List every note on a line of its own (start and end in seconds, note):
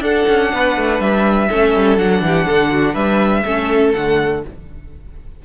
0.00 0.24 D4
0.00 1.48 D4
0.00 0.51 A4
0.00 1.01 F#5
0.28 0.52 C#4
0.53 0.76 B3
0.53 1.49 B4
0.76 1.00 A3
1.00 1.49 G3
1.00 1.98 E5
1.49 1.75 A3
1.49 1.97 C#4
1.49 2.22 A4
1.75 1.98 G3
1.97 2.22 F#3
1.97 3.43 D4
1.97 2.95 F#5
2.22 2.46 E3
2.22 2.46 G4
2.46 2.95 D3
2.46 2.70 A4
2.71 2.93 F#4
2.93 3.44 G3
2.93 3.42 B4
2.93 3.92 E5
3.45 3.94 A3
3.45 3.95 C#4
3.45 4.42 A4
3.94 4.45 D3
3.94 4.44 A3
3.94 4.43 F#5